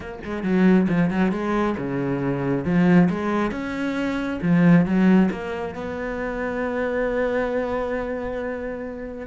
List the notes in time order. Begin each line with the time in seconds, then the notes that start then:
0.00 A#3
0.24 G#3
0.43 F#3
0.88 F3
1.10 F#3
1.31 G#3
1.77 C#3
2.64 F3
3.09 G#3
3.51 C#4
4.42 F3
4.85 F#3
5.31 A#3
5.74 B3